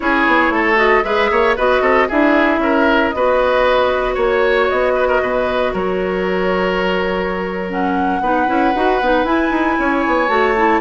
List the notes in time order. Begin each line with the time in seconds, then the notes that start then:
0.00 C#4 E4 G#4 C#5
0.27 B3
0.49 A3 A4
0.75 F#4 D#5
1.03 G#3 G#4 B4 E5
1.31 A#3 C#5
1.56 B3 F#4 B4 D#5
1.81 C4 A4
2.07 D4 E4 G#4 E5
2.58 C#4 A#4
3.10 B3 F#4 B4 D#5
4.14 A#3 C#5
4.69 B3 D#5
4.94 B4
5.08 A#4
5.21 B2 B4
5.72 F#3 A#4 C#5
7.69 C#4 F#5
8.20 B3 D#4 B4
8.47 C#4 E4
8.74 D#4 F#4
9.00 B3 D#4
9.24 E4 G#5
9.50 D#4
9.78 C#4 C#5
10.06 B3
10.28 A3 F#4 A5
10.56 E4